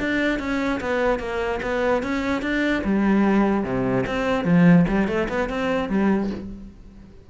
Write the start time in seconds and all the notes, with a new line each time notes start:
0.00 D4
0.40 C#4
0.81 B3
1.20 A#3
1.63 B3
2.03 C#4
2.42 D4
2.85 G3
3.64 C3
4.07 C4
4.45 F3
4.88 G3
5.08 A3
5.29 B3
5.50 C4
5.90 G3